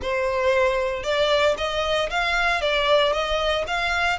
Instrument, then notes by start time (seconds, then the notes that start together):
violin
0.01 C5
1.03 D5
1.57 D#5
2.10 F5
2.61 D5
3.12 D#5
3.67 F5